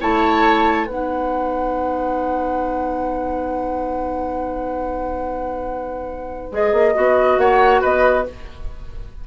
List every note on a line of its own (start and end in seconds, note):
0.00 0.87 A3
0.00 0.86 E4
0.00 0.86 C#5
0.00 0.86 A5
0.86 6.51 B3
0.86 6.51 D#4
0.86 7.39 B4
0.86 6.51 F#5
6.51 6.72 G#3
6.51 6.94 G#4
6.51 7.38 D#5
6.72 6.94 A#3
6.94 7.37 B3
6.94 8.25 F#4
7.37 7.81 A#3
7.37 7.81 C#5
7.37 7.82 F#5
7.81 8.27 B3
7.81 8.24 B4
7.81 8.26 D#5